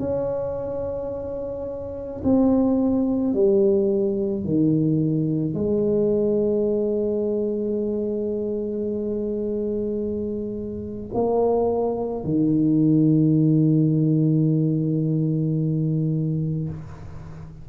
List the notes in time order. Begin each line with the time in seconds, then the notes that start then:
0.00 C#4
2.24 C4
3.34 G3
4.44 D#3
5.55 G#3
11.14 A#3
12.25 D#3